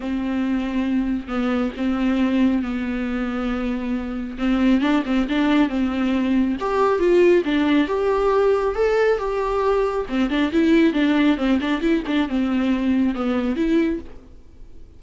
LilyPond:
\new Staff \with { instrumentName = "viola" } { \time 4/4 \tempo 4 = 137 c'2. b4 | c'2 b2~ | b2 c'4 d'8 c'8 | d'4 c'2 g'4 |
f'4 d'4 g'2 | a'4 g'2 c'8 d'8 | e'4 d'4 c'8 d'8 e'8 d'8 | c'2 b4 e'4 | }